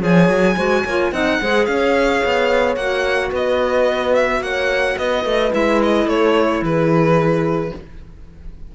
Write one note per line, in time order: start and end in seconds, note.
0.00 0.28 F3
0.00 0.55 G#4
0.00 0.56 C#5
0.00 1.13 G#5
0.28 0.56 F#3
0.56 0.84 G#3
0.56 0.85 F#4
0.56 0.84 C5
0.84 1.12 A#3
0.84 1.13 F4
0.84 1.12 C#5
1.12 1.39 C4
1.12 1.41 D#4
1.12 1.40 D#5
1.12 1.66 F#5
1.42 1.67 G#3
1.42 2.78 G#4
1.42 1.69 C5
1.66 2.22 C#4
1.66 3.30 C#5
1.66 2.76 F5
2.24 2.76 B3
2.76 3.31 A#3
2.76 5.52 F#4
2.76 3.31 F#5
3.30 4.41 B3
3.30 4.40 B4
3.30 4.15 D#5
4.15 4.43 E5
4.41 4.96 A#3
4.41 4.99 C#5
4.41 4.98 F#5
4.98 5.25 B3
4.98 6.08 B4
4.98 5.53 D#5
5.25 5.52 A3
5.52 6.06 G#3
5.52 7.72 E4
5.52 5.82 E5
5.83 6.09 D#5
6.06 6.61 A3
6.06 6.64 A4
6.06 6.64 C#5
6.61 7.72 E3
6.61 7.75 G#4
6.61 7.75 B4